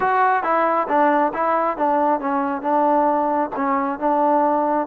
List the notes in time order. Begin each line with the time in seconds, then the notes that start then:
0.00 F#4
0.43 E4
0.88 D4
1.33 E4
1.77 D4
2.20 C#4
2.61 D4
3.55 C#4
3.99 D4